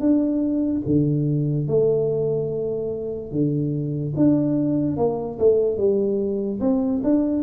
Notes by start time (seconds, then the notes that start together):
0.00 D4
0.86 D3
1.67 A3
3.31 D3
4.17 D4
4.97 A#3
5.39 A3
5.77 G3
6.60 C4
7.03 D4